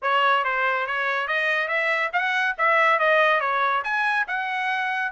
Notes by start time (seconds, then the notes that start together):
0.01 C#5
0.44 C5
0.86 C#5
1.27 D#5
1.68 E5
2.13 F#5
2.58 E5
2.99 D#5
3.40 C#5
3.84 G#5
4.27 F#5